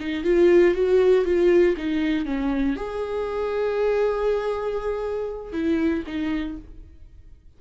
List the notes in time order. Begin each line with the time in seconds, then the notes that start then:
0.00 D#4
0.24 F4
0.75 F#4
1.26 F4
1.77 D#4
2.26 C#4
2.76 G#4
5.53 E4
6.07 D#4